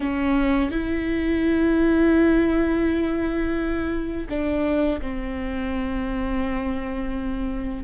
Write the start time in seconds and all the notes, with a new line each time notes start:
0.00 C#4
0.70 E4
4.29 D4
5.01 C4